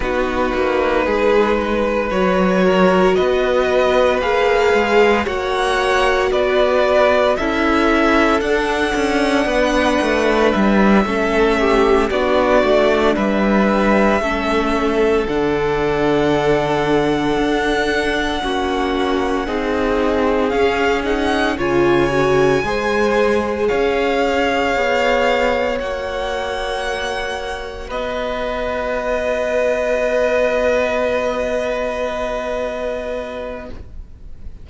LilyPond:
<<
  \new Staff \with { instrumentName = "violin" } { \time 4/4 \tempo 4 = 57 b'2 cis''4 dis''4 | f''4 fis''4 d''4 e''4 | fis''2 e''4. d''8~ | d''8 e''2 fis''4.~ |
fis''2.~ fis''8 f''8 | fis''8 gis''2 f''4.~ | f''8 fis''2 dis''4.~ | dis''1 | }
  \new Staff \with { instrumentName = "violin" } { \time 4/4 fis'4 gis'8 b'4 ais'8 b'4~ | b'4 cis''4 b'4 a'4~ | a'4 b'4. a'8 g'8 fis'8~ | fis'8 b'4 a'2~ a'8~ |
a'4. fis'4 gis'4.~ | gis'8 cis''4 c''4 cis''4.~ | cis''2~ cis''8 b'4.~ | b'1 | }
  \new Staff \with { instrumentName = "viola" } { \time 4/4 dis'2 fis'2 | gis'4 fis'2 e'4 | d'2~ d'8 cis'4 d'8~ | d'4. cis'4 d'4.~ |
d'4. cis'4 dis'4 cis'8 | dis'8 f'8 fis'8 gis'2~ gis'8~ | gis'8 fis'2.~ fis'8~ | fis'1 | }
  \new Staff \with { instrumentName = "cello" } { \time 4/4 b8 ais8 gis4 fis4 b4 | ais8 gis8 ais4 b4 cis'4 | d'8 cis'8 b8 a8 g8 a4 b8 | a8 g4 a4 d4.~ |
d8 d'4 ais4 c'4 cis'8~ | cis'8 cis4 gis4 cis'4 b8~ | b8 ais2 b4.~ | b1 | }
>>